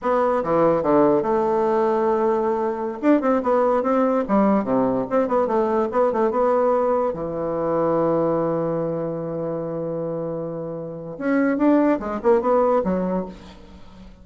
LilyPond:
\new Staff \with { instrumentName = "bassoon" } { \time 4/4 \tempo 4 = 145 b4 e4 d4 a4~ | a2.~ a16 d'8 c'16~ | c'16 b4 c'4 g4 c8.~ | c16 c'8 b8 a4 b8 a8 b8.~ |
b4~ b16 e2~ e8.~ | e1~ | e2. cis'4 | d'4 gis8 ais8 b4 fis4 | }